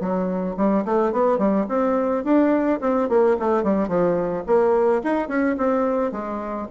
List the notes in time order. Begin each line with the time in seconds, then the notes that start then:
0.00 F#3
0.57 G3
0.85 A3
1.12 B3
1.38 G3
1.68 C4
2.24 D4
2.81 C4
3.09 A#3
3.39 A3
3.63 G3
3.88 F3
4.46 A#3
5.03 D#4
5.28 C#4
5.57 C4
6.12 G#3